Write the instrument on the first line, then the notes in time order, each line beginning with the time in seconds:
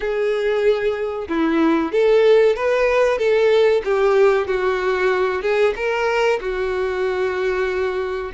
violin
0.00 G#4
1.28 E4
1.92 A4
2.56 B4
3.18 A4
3.84 G4
4.47 F#4
5.41 G#4
5.76 A#4
6.40 F#4